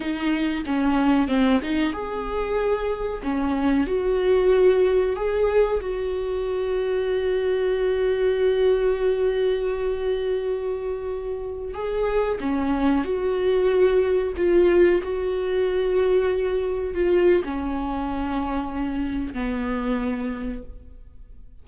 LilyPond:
\new Staff \with { instrumentName = "viola" } { \time 4/4 \tempo 4 = 93 dis'4 cis'4 c'8 dis'8 gis'4~ | gis'4 cis'4 fis'2 | gis'4 fis'2.~ | fis'1~ |
fis'2~ fis'16 gis'4 cis'8.~ | cis'16 fis'2 f'4 fis'8.~ | fis'2~ fis'16 f'8. cis'4~ | cis'2 b2 | }